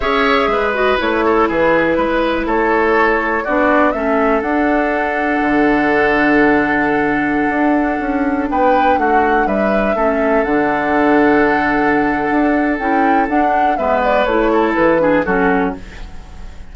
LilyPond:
<<
  \new Staff \with { instrumentName = "flute" } { \time 4/4 \tempo 4 = 122 e''4. dis''8 cis''4 b'4~ | b'4 cis''2 d''4 | e''4 fis''2.~ | fis''1~ |
fis''4~ fis''16 g''4 fis''4 e''8.~ | e''4~ e''16 fis''2~ fis''8.~ | fis''2 g''4 fis''4 | e''8 d''8 cis''4 b'4 a'4 | }
  \new Staff \with { instrumentName = "oboe" } { \time 4/4 cis''4 b'4. a'8 gis'4 | b'4 a'2 fis'4 | a'1~ | a'1~ |
a'4~ a'16 b'4 fis'4 b'8.~ | b'16 a'2.~ a'8.~ | a'1 | b'4. a'4 gis'8 fis'4 | }
  \new Staff \with { instrumentName = "clarinet" } { \time 4/4 gis'4. fis'8 e'2~ | e'2. d'4 | cis'4 d'2.~ | d'1~ |
d'1~ | d'16 cis'4 d'2~ d'8.~ | d'2 e'4 d'4 | b4 e'4. d'8 cis'4 | }
  \new Staff \with { instrumentName = "bassoon" } { \time 4/4 cis'4 gis4 a4 e4 | gis4 a2 b4 | a4 d'2 d4~ | d2.~ d16 d'8.~ |
d'16 cis'4 b4 a4 g8.~ | g16 a4 d2~ d8.~ | d4 d'4 cis'4 d'4 | gis4 a4 e4 fis4 | }
>>